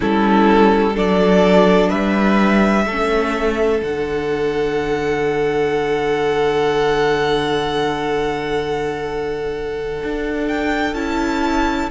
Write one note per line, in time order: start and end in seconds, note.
0.00 0.96 G3
0.00 0.93 C#4
0.00 0.93 E4
0.00 0.96 A4
0.93 1.91 F#3
0.93 2.85 D4
0.93 1.89 A4
0.93 1.89 D5
1.89 2.86 G3
1.89 2.84 B4
1.89 3.80 E5
2.86 3.81 A3
2.86 3.81 C#4
2.86 11.90 A4
3.81 10.02 D3
3.81 10.95 D4
3.81 10.47 F#5
10.03 10.94 D4
10.47 10.94 G5
10.94 11.89 C#4
10.94 11.90 E4
10.94 11.89 A5